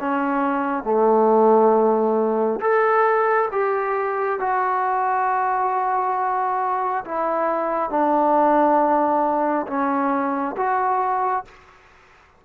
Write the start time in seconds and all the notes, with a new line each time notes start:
0.00 C#4
0.83 A3
2.60 A4
3.52 G4
4.40 F#4
7.05 E4
7.90 D4
9.67 C#4
10.56 F#4